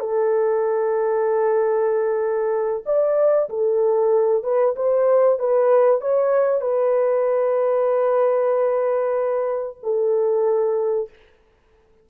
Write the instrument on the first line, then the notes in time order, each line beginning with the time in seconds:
horn
0.00 A4
2.86 D5
3.50 A4
4.44 B4
4.76 C5
5.40 B4
6.02 C#5
6.62 B4
9.84 A4